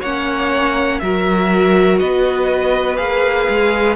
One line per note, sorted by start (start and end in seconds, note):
0.00 1.00 A#3
0.00 1.01 C#4
0.00 0.98 C#5
0.00 0.99 F#5
0.99 2.00 F#3
0.99 2.96 F#4
0.99 2.00 A#4
0.99 1.97 E5
1.99 2.98 B3
1.99 3.96 B4
1.99 2.96 D#5
2.96 3.47 A#3
2.96 3.94 G#4
2.96 3.94 F5
3.49 3.96 G#3